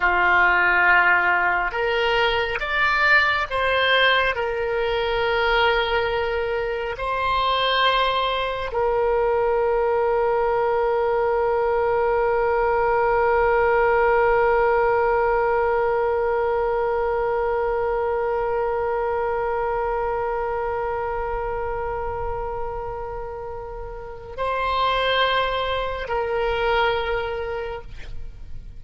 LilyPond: \new Staff \with { instrumentName = "oboe" } { \time 4/4 \tempo 4 = 69 f'2 ais'4 d''4 | c''4 ais'2. | c''2 ais'2~ | ais'1~ |
ais'1~ | ais'1~ | ais'1 | c''2 ais'2 | }